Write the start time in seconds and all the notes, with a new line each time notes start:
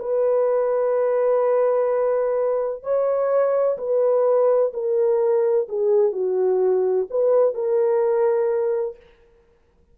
0.00 B4
2.83 C#5
3.78 B4
4.74 A#4
5.69 G#4
6.13 F#4
7.11 B4
7.55 A#4